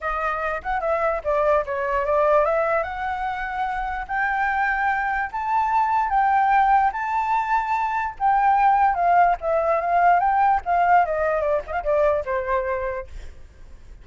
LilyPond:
\new Staff \with { instrumentName = "flute" } { \time 4/4 \tempo 4 = 147 dis''4. fis''8 e''4 d''4 | cis''4 d''4 e''4 fis''4~ | fis''2 g''2~ | g''4 a''2 g''4~ |
g''4 a''2. | g''2 f''4 e''4 | f''4 g''4 f''4 dis''4 | d''8 dis''16 f''16 d''4 c''2 | }